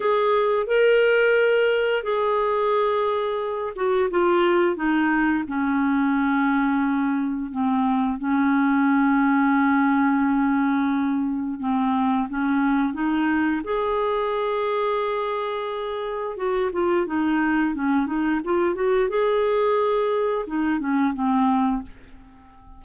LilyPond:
\new Staff \with { instrumentName = "clarinet" } { \time 4/4 \tempo 4 = 88 gis'4 ais'2 gis'4~ | gis'4. fis'8 f'4 dis'4 | cis'2. c'4 | cis'1~ |
cis'4 c'4 cis'4 dis'4 | gis'1 | fis'8 f'8 dis'4 cis'8 dis'8 f'8 fis'8 | gis'2 dis'8 cis'8 c'4 | }